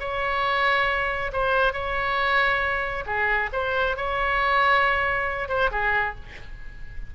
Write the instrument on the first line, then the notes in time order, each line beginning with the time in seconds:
oboe
0.00 C#5
1.33 C5
1.73 C#5
3.06 G#4
3.53 C5
3.97 C#5
5.48 C5
5.71 G#4